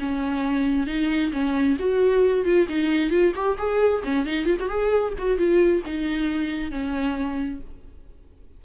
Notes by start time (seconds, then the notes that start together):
0.00 C#4
0.87 D#4
1.33 C#4
1.80 F#4
2.45 F4
2.69 D#4
3.11 F4
3.36 G4
3.58 G#4
4.04 C#4
4.26 D#4
4.46 F4
4.60 F#4
4.69 G#4
5.18 F#4
5.38 F4
5.86 D#4
6.71 C#4